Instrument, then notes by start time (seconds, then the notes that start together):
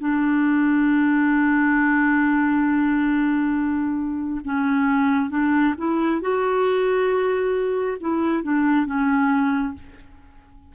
clarinet
0.00 D4
4.45 C#4
5.31 D4
5.78 E4
6.21 F#4
8.01 E4
8.43 D4
8.86 C#4